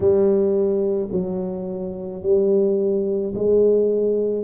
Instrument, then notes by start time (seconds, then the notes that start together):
tuba
0.00 G3
1.11 F#3
2.22 G3
3.34 G#3